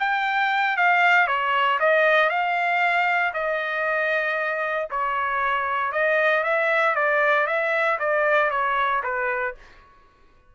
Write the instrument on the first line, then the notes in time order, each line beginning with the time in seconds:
trumpet
0.00 G5
0.77 F5
1.28 C#5
1.80 D#5
2.30 F5
3.34 D#5
4.91 C#5
5.92 D#5
6.44 E5
6.96 D5
7.47 E5
8.00 D5
8.51 C#5
9.04 B4